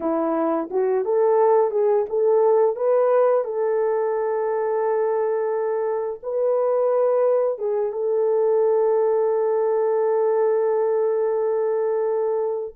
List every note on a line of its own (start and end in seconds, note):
0.00 0.69 E4
0.70 1.05 F#4
1.05 1.71 A4
1.71 2.05 G#4
2.09 2.76 A4
2.76 3.44 B4
3.44 6.20 A4
6.22 7.58 B4
7.58 7.92 G#4
7.92 12.75 A4